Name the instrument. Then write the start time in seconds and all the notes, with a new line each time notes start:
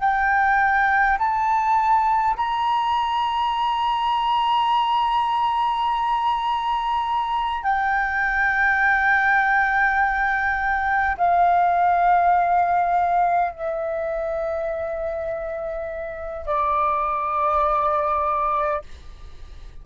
flute
0.00 G5
1.19 A5
2.37 A#5
7.64 G5
11.18 F5
13.52 E5
16.47 D5